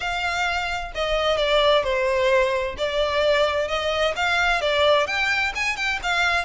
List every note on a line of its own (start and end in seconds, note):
0.00 0.91 F5
0.94 1.37 D#5
1.37 1.83 D5
1.83 2.76 C5
2.77 3.68 D5
3.68 4.14 D#5
4.16 4.61 F5
4.61 5.06 D5
5.06 5.53 G5
5.55 5.76 G#5
5.76 5.99 G5
6.02 6.44 F5